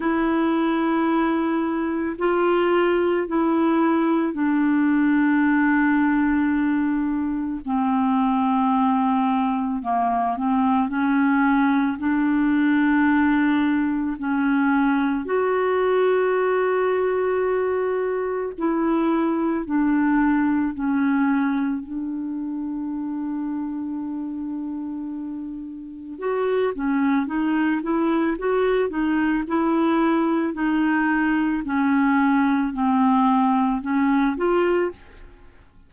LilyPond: \new Staff \with { instrumentName = "clarinet" } { \time 4/4 \tempo 4 = 55 e'2 f'4 e'4 | d'2. c'4~ | c'4 ais8 c'8 cis'4 d'4~ | d'4 cis'4 fis'2~ |
fis'4 e'4 d'4 cis'4 | d'1 | fis'8 cis'8 dis'8 e'8 fis'8 dis'8 e'4 | dis'4 cis'4 c'4 cis'8 f'8 | }